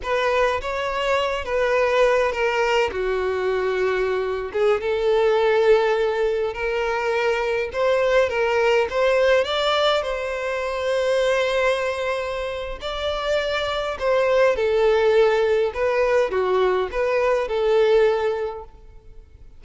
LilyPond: \new Staff \with { instrumentName = "violin" } { \time 4/4 \tempo 4 = 103 b'4 cis''4. b'4. | ais'4 fis'2~ fis'8. gis'16~ | gis'16 a'2. ais'8.~ | ais'4~ ais'16 c''4 ais'4 c''8.~ |
c''16 d''4 c''2~ c''8.~ | c''2 d''2 | c''4 a'2 b'4 | fis'4 b'4 a'2 | }